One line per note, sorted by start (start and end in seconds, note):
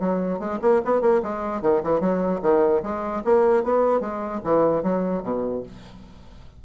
0.00 0.40 F#3
0.40 0.60 G#3
0.62 0.82 A#3
0.85 1.02 B3
1.02 1.22 A#3
1.23 1.62 G#3
1.62 1.82 D#3
1.84 2.01 E3
2.01 2.41 F#3
2.42 2.82 D#3
2.83 3.23 G#3
3.25 3.64 A#3
3.64 4.01 B3
4.01 4.41 G#3
4.44 4.83 E3
4.83 5.23 F#3
5.23 5.63 B2